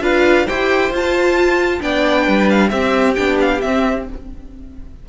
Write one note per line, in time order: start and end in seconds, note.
0.00 0.45 D4
0.00 0.46 F4
0.00 0.46 B4
0.00 0.47 F5
0.46 0.91 E4
0.46 0.93 G4
0.46 1.81 C5
0.46 0.92 G5
0.91 1.80 F4
0.91 1.81 F4
0.91 1.82 A5
1.81 2.27 B3
1.81 2.70 D4
1.81 2.24 D5
1.81 2.49 G5
2.24 2.72 G3
2.24 2.69 B4
2.50 2.69 F5
2.69 3.15 C4
2.69 3.17 C4
2.69 4.05 G4
2.69 3.14 E5
3.15 3.63 B3
3.15 3.60 D4
3.15 3.38 G5
3.41 3.61 F5
3.61 4.08 C4
3.61 4.09 C4
3.61 4.06 E5